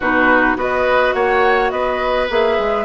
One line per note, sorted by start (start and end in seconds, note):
0.00 0.55 B2
0.00 0.56 D#4
0.00 0.57 F#4
0.00 0.57 B4
0.55 1.13 B3
0.55 2.28 F#4
0.55 1.14 B4
0.55 1.13 D#5
1.13 1.71 A#3
1.13 1.71 C#5
1.13 1.70 F#5
1.70 2.28 B3
1.70 2.85 B4
1.70 2.27 D#5
2.29 2.58 A#3
2.29 2.85 G#4
2.29 2.85 E5
2.58 2.85 G#3